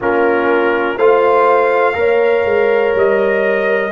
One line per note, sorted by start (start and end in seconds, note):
0.00 0.97 A#3
0.00 0.99 C#4
0.00 0.97 F4
0.00 0.98 A#4
0.97 1.95 A3
0.97 1.93 F4
0.97 1.95 C5
0.97 2.94 F5
1.93 2.44 A#3
1.93 3.90 A#4
1.93 3.91 C#5
2.44 2.94 G#3
2.94 3.91 G3
2.94 3.91 D#5